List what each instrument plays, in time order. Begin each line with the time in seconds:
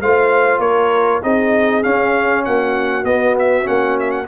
0.00 tuba A3, trombone F4, horn C5, trumpet F5
0.58 tuba A#3, horn A#4, trumpet C#5
1.22 tuba C4, trombone D#4, horn G#4, trumpet D#5
1.82 trombone C#4, tuba C#4, trumpet F5
2.45 tuba A#3, horn F#4, trumpet F#5
3.03 tuba B3, trombone B3, trumpet D#5
3.38 trumpet E5
3.63 tuba A#3, trombone C#4, trumpet F#5
3.99 trumpet E5
4.10 trumpet F#5